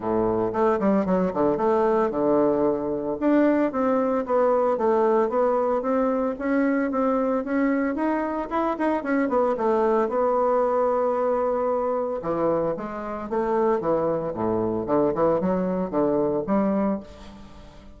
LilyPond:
\new Staff \with { instrumentName = "bassoon" } { \time 4/4 \tempo 4 = 113 a,4 a8 g8 fis8 d8 a4 | d2 d'4 c'4 | b4 a4 b4 c'4 | cis'4 c'4 cis'4 dis'4 |
e'8 dis'8 cis'8 b8 a4 b4~ | b2. e4 | gis4 a4 e4 a,4 | d8 e8 fis4 d4 g4 | }